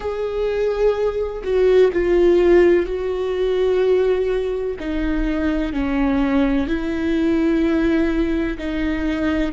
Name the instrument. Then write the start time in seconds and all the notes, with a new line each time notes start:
viola
0.00 G#4
1.43 F#4
1.92 F4
2.86 F#4
4.79 D#4
5.72 C#4
6.67 E4
8.58 D#4